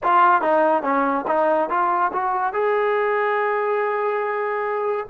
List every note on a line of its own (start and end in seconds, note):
0.03 0.41 F4
0.41 0.83 D#4
0.83 1.25 C#4
1.27 1.69 D#4
1.69 2.11 F4
2.12 2.53 F#4
2.53 5.06 G#4